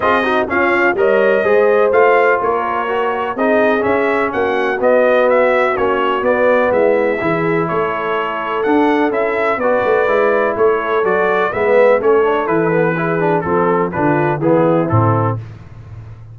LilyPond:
<<
  \new Staff \with { instrumentName = "trumpet" } { \time 4/4 \tempo 4 = 125 dis''4 f''4 dis''2 | f''4 cis''2 dis''4 | e''4 fis''4 dis''4 e''4 | cis''4 d''4 e''2 |
cis''2 fis''4 e''4 | d''2 cis''4 d''4 | e''4 cis''4 b'2 | a'4 b'4 gis'4 a'4 | }
  \new Staff \with { instrumentName = "horn" } { \time 4/4 gis'8 fis'8 f'4 cis''4 c''4~ | c''4 ais'2 gis'4~ | gis'4 fis'2.~ | fis'2 e'4 gis'4 |
a'1 | b'2 a'2 | b'4 a'2 gis'4 | a'4 f'4 e'2 | }
  \new Staff \with { instrumentName = "trombone" } { \time 4/4 f'8 dis'8 cis'4 ais'4 gis'4 | f'2 fis'4 dis'4 | cis'2 b2 | cis'4 b2 e'4~ |
e'2 d'4 e'4 | fis'4 e'2 fis'4 | b4 cis'8 d'8 e'8 b8 e'8 d'8 | c'4 d'4 b4 c'4 | }
  \new Staff \with { instrumentName = "tuba" } { \time 4/4 c'4 cis'4 g4 gis4 | a4 ais2 c'4 | cis'4 ais4 b2 | ais4 b4 gis4 e4 |
a2 d'4 cis'4 | b8 a8 gis4 a4 fis4 | gis4 a4 e2 | f4 d4 e4 a,4 | }
>>